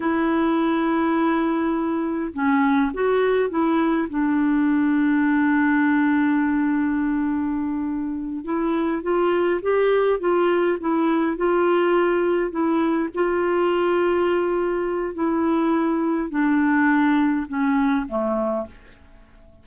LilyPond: \new Staff \with { instrumentName = "clarinet" } { \time 4/4 \tempo 4 = 103 e'1 | cis'4 fis'4 e'4 d'4~ | d'1~ | d'2~ d'8 e'4 f'8~ |
f'8 g'4 f'4 e'4 f'8~ | f'4. e'4 f'4.~ | f'2 e'2 | d'2 cis'4 a4 | }